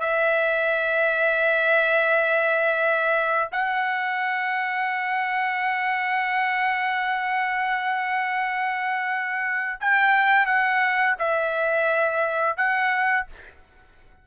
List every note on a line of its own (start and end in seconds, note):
0.00 3.49 E5
3.52 9.80 F#5
9.81 10.46 G5
10.46 11.16 F#5
11.19 12.57 E5
12.57 13.27 F#5